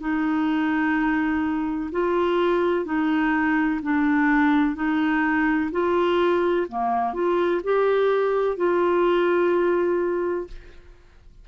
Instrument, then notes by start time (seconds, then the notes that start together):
clarinet
0.00 D#4
1.91 F4
2.85 D#4
3.83 D4
4.75 D#4
5.71 F4
6.68 A#3
7.14 F4
7.64 G4
8.57 F4